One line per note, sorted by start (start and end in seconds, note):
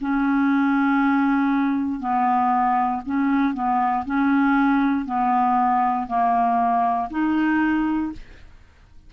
0.00 2.00 C#4
2.00 3.01 B3
3.05 3.54 C#4
3.54 4.04 B3
4.05 5.05 C#4
5.05 6.06 B3
6.07 7.09 A#3
7.10 8.12 D#4